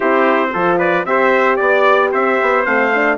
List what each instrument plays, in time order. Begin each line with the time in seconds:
0.00 bassoon C4, horn E4, trumpet G4 C5
0.53 bassoon F3, horn F4, trumpet A4
0.78 trumpet B4 D5
1.05 bassoon C4, horn G4, trumpet C5 E5
1.56 bassoon B3, trumpet D5
2.12 bassoon C4, trumpet C5 E5
2.41 bassoon B3
2.65 bassoon A3, horn C4, trumpet F5
2.93 horn D4